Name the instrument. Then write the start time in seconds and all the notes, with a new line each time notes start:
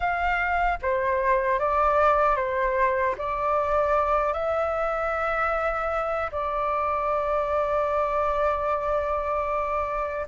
flute
0.00 F5
0.82 C5
1.59 D5
2.36 C5
3.18 D5
4.33 E5
6.31 D5